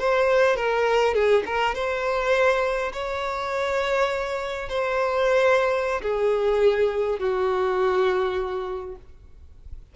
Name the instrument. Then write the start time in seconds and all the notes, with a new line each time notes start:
violin
0.00 C5
0.57 A#4
1.14 G#4
1.46 A#4
1.75 C5
2.93 C#5
4.70 C5
6.02 G#4
7.20 F#4